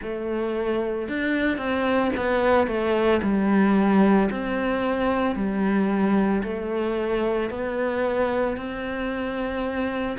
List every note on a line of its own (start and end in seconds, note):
0.02 1.08 A3
1.08 1.57 D4
1.57 2.11 C4
2.16 2.67 B3
2.67 3.20 A3
3.22 4.29 G3
4.31 5.35 C4
5.35 6.42 G3
6.43 7.50 A3
7.50 8.56 B3
8.56 10.17 C4